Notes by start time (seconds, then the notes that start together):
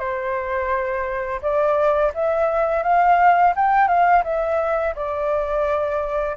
0.00 C5
1.42 D5
2.14 E5
2.84 F5
3.56 G5
3.88 F5
4.24 E5
4.96 D5